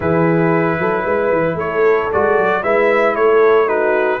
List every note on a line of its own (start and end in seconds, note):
0.00 0.79 E3
0.00 2.11 E4
0.00 0.79 G#4
0.00 1.58 B4
0.79 1.05 F#3
0.79 1.04 A4
1.04 1.31 G#3
1.04 1.57 B4
1.31 1.55 E3
1.55 2.08 A3
1.55 2.62 A4
1.55 2.11 C#5
2.12 2.37 G#3
2.12 2.63 F#4
2.12 2.63 D5
2.37 2.63 F#3
2.62 3.15 G#3
2.62 3.67 E4
2.62 3.15 B4
2.62 3.15 E5
3.15 4.20 A3
3.15 3.67 A4
3.15 3.68 C#5
3.67 4.20 D#4
3.67 4.20 F#4
3.67 4.20 B4